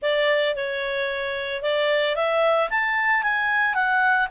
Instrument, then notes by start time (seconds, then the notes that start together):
clarinet
0.01 D5
0.55 C#5
1.62 D5
2.15 E5
2.70 A5
3.22 G#5
3.74 F#5